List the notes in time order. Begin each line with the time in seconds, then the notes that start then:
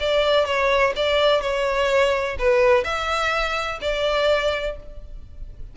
0.00 D5
0.45 C#5
0.96 D5
1.41 C#5
2.39 B4
2.84 E5
3.81 D5